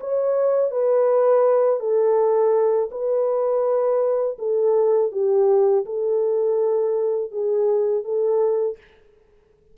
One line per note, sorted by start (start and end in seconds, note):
0.00 0.71 C#5
0.71 1.80 B4
1.80 2.89 A4
2.91 4.37 B4
4.39 5.12 A4
5.12 5.85 G4
5.85 7.31 A4
7.31 8.04 G#4
8.04 8.77 A4